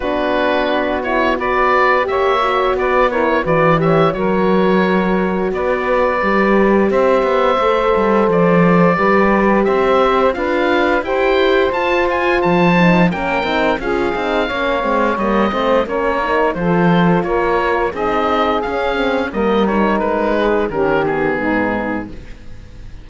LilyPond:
<<
  \new Staff \with { instrumentName = "oboe" } { \time 4/4 \tempo 4 = 87 b'4. cis''8 d''4 e''4 | d''8 cis''8 d''8 e''8 cis''2 | d''2 e''2 | d''2 e''4 f''4 |
g''4 a''8 gis''8 a''4 g''4 | f''2 dis''4 cis''4 | c''4 cis''4 dis''4 f''4 | dis''8 cis''8 b'4 ais'8 gis'4. | }
  \new Staff \with { instrumentName = "saxophone" } { \time 4/4 fis'2 b'4 cis''4 | b'8 ais'8 b'8 cis''8 ais'2 | b'2 c''2~ | c''4 b'4 c''4 b'4 |
c''2. ais'4 | gis'4 cis''4. c''8 ais'4 | a'4 ais'4 gis'2 | ais'4. gis'8 g'4 dis'4 | }
  \new Staff \with { instrumentName = "horn" } { \time 4/4 d'4. e'8 fis'4 g'8 fis'8~ | fis'8 e'8 fis'8 g'8 fis'2~ | fis'4 g'2 a'4~ | a'4 g'2 f'4 |
g'4 f'4. dis'8 cis'8 dis'8 | f'8 dis'8 cis'8 c'8 ais8 c'8 cis'8 dis'8 | f'2 dis'4 cis'8 c'8 | ais8 dis'4. cis'8 b4. | }
  \new Staff \with { instrumentName = "cello" } { \time 4/4 b2. ais4 | b4 e4 fis2 | b4 g4 c'8 b8 a8 g8 | f4 g4 c'4 d'4 |
e'4 f'4 f4 ais8 c'8 | cis'8 c'8 ais8 gis8 g8 a8 ais4 | f4 ais4 c'4 cis'4 | g4 gis4 dis4 gis,4 | }
>>